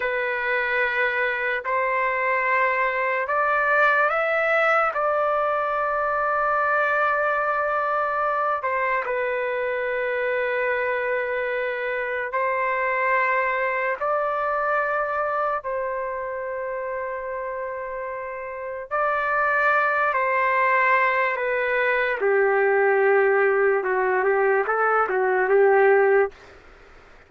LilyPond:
\new Staff \with { instrumentName = "trumpet" } { \time 4/4 \tempo 4 = 73 b'2 c''2 | d''4 e''4 d''2~ | d''2~ d''8 c''8 b'4~ | b'2. c''4~ |
c''4 d''2 c''4~ | c''2. d''4~ | d''8 c''4. b'4 g'4~ | g'4 fis'8 g'8 a'8 fis'8 g'4 | }